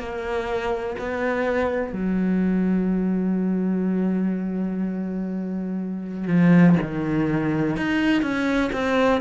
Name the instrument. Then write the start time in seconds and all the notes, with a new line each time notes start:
cello
0.00 A#3
0.99 B3
1.94 F#3
6.28 F3
6.82 D#3
7.77 D#4
8.23 C#4
8.73 C4